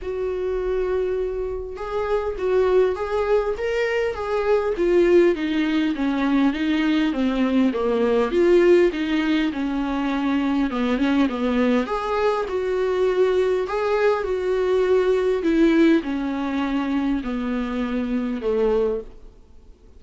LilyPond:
\new Staff \with { instrumentName = "viola" } { \time 4/4 \tempo 4 = 101 fis'2. gis'4 | fis'4 gis'4 ais'4 gis'4 | f'4 dis'4 cis'4 dis'4 | c'4 ais4 f'4 dis'4 |
cis'2 b8 cis'8 b4 | gis'4 fis'2 gis'4 | fis'2 e'4 cis'4~ | cis'4 b2 a4 | }